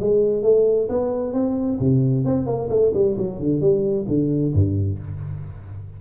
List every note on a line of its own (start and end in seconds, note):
0.00 0.43 G#3
0.43 0.88 A3
0.89 1.33 B3
1.33 1.79 C4
1.79 2.25 C3
2.25 2.46 C4
2.46 2.69 A#3
2.69 2.92 A3
2.94 3.16 G3
3.18 3.39 F#3
3.39 3.61 D3
3.61 4.06 G3
4.08 4.53 D3
4.54 4.99 G2